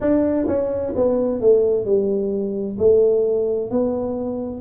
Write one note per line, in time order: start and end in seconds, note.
0.00 0.47 D4
0.47 0.93 C#4
0.95 1.41 B3
1.41 1.85 A3
1.85 2.77 G3
2.78 3.70 A3
3.70 4.60 B3